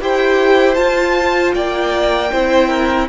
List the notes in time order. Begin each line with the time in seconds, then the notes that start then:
0.00 E4 G4 C5 G5
0.74 F4 A5
1.54 A#3 D5 G5
2.31 C4 E4 C5
2.68 A#4